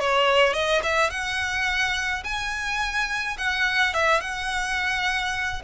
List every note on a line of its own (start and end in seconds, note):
0.00 0.54 C#5
0.54 0.82 D#5
0.83 1.11 E5
1.11 2.24 F#5
2.24 3.37 G#5
3.38 3.94 F#5
3.94 4.21 E5
4.21 5.62 F#5